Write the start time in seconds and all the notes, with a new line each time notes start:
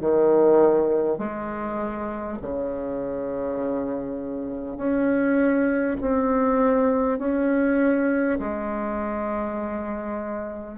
0.00 D#3
1.18 G#3
2.42 C#3
4.77 C#4
6.01 C4
7.19 C#4
8.39 G#3